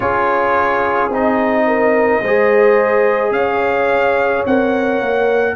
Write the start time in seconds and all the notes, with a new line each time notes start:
0.00 C#4 F4 G#4 C#5
1.09 C4 D#4 D#5
1.66 A#4
2.21 G#3 G#4 C5
3.30 C#4 C#5 F5
4.46 C4 A#4 F#5
5.00 A#3